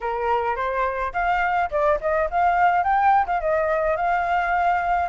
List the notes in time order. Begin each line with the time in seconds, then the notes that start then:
0.01 A#4
0.56 C5
1.13 F5
1.71 D5
2.01 D#5
2.30 F5
2.83 G5
3.26 F5
3.40 D#5
3.96 F5